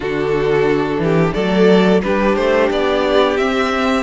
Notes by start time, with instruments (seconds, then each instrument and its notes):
0.00 cello D3, viola D4, violin F#4 A4
0.98 cello E3, violin G4
1.33 cello F#3, viola A3, violin A4 D5
2.02 cello G3, viola D4, violin G4 B4
2.35 cello A3, violin C5
2.70 cello B3, violin D5
3.37 viola C4, cello C4, violin E5